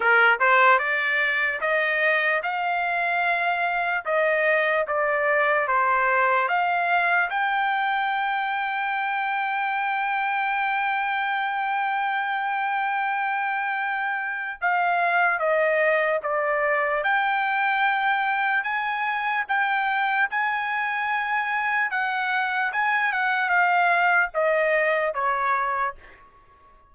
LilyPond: \new Staff \with { instrumentName = "trumpet" } { \time 4/4 \tempo 4 = 74 ais'8 c''8 d''4 dis''4 f''4~ | f''4 dis''4 d''4 c''4 | f''4 g''2.~ | g''1~ |
g''2 f''4 dis''4 | d''4 g''2 gis''4 | g''4 gis''2 fis''4 | gis''8 fis''8 f''4 dis''4 cis''4 | }